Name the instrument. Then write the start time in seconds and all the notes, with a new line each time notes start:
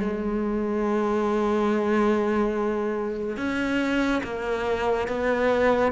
cello
0.00 G#3
3.37 C#4
4.23 A#3
5.08 B3